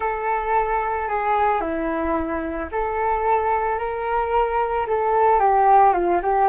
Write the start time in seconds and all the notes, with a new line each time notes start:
0.00 A4
1.07 G#4
1.60 E4
2.71 A4
3.78 A#4
4.87 A4
5.39 G4
5.93 F4
6.22 G4